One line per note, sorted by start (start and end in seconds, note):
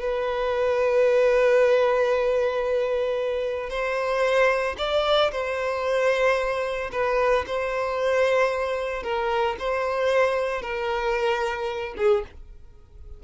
0.00 3.70 B4
3.70 4.76 C5
4.78 5.31 D5
5.31 6.91 C5
6.92 7.45 B4
7.46 9.03 C5
9.03 9.56 A#4
9.59 10.62 C5
10.62 11.94 A#4
11.97 12.24 G#4